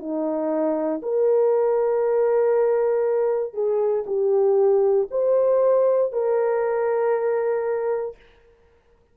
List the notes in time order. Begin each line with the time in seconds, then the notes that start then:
0.00 D#4
1.03 A#4
3.54 G#4
4.07 G4
5.11 C5
6.13 A#4